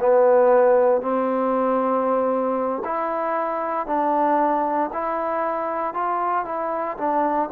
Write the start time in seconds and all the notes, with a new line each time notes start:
0.00 B3
1.01 C4
2.84 E4
3.87 D4
4.93 E4
5.93 F4
6.45 E4
6.97 D4